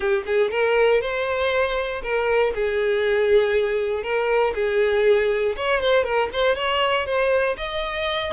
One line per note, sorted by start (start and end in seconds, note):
0.00 0.23 G4
0.25 0.50 G#4
0.50 1.01 A#4
1.01 2.01 C5
2.02 2.53 A#4
2.54 4.03 G#4
4.03 4.53 A#4
4.54 5.55 G#4
5.56 5.80 C#5
5.80 6.04 C5
6.04 6.29 A#4
6.32 6.55 C5
6.55 7.06 C#5
7.06 7.56 C5
7.57 8.32 D#5